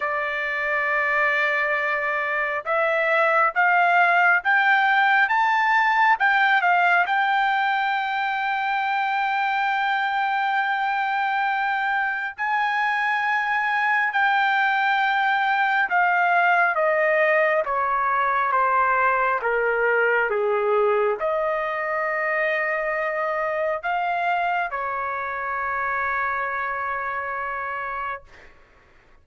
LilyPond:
\new Staff \with { instrumentName = "trumpet" } { \time 4/4 \tempo 4 = 68 d''2. e''4 | f''4 g''4 a''4 g''8 f''8 | g''1~ | g''2 gis''2 |
g''2 f''4 dis''4 | cis''4 c''4 ais'4 gis'4 | dis''2. f''4 | cis''1 | }